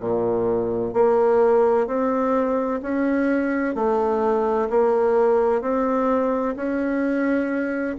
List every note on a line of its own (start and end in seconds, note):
0.00 0.93 A#2
0.93 1.87 A#3
1.87 2.81 C4
2.82 3.75 C#4
3.75 4.69 A3
4.70 5.62 A#3
5.62 6.55 C4
6.56 7.97 C#4